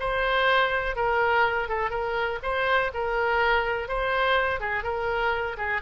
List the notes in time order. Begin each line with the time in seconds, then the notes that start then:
0.00 C5
0.96 A#4
1.69 A4
1.91 A#4
2.43 C5
2.94 A#4
3.88 C5
4.60 G#4
4.84 A#4
5.58 G#4